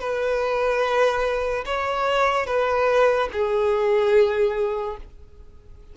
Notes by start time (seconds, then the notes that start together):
0.00 B4
1.66 C#5
2.46 B4
3.32 G#4